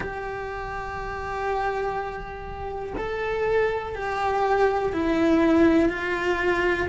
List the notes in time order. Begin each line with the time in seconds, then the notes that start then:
0.00 G4
2.97 A4
3.95 G4
4.92 E4
5.89 F4